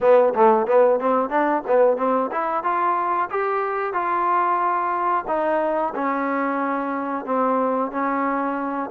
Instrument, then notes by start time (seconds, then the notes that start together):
trombone
0.00 B3
0.34 A3
0.67 B3
1.00 C4
1.29 D4
1.67 B3
1.97 C4
2.31 E4
2.63 F4
3.30 G4
3.93 F4
5.27 D#4
5.95 C#4
7.25 C4
7.91 C#4